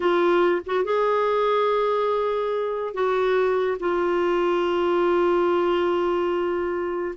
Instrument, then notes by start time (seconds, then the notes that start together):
clarinet
0.00 F4
0.66 F#4
0.84 G#4
2.94 F#4
3.79 F4